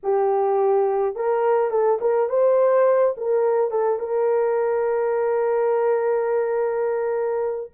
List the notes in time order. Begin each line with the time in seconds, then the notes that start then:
0.03 G4
1.15 A#4
1.70 A4
2.00 A#4
2.29 C5
3.17 A#4
3.70 A4
3.99 A#4